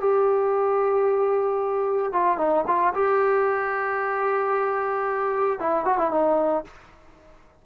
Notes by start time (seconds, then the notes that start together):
0.00 G4
2.12 F4
2.37 D#4
2.67 F4
2.94 G4
5.59 E4
5.85 F#4
5.97 E4
6.11 D#4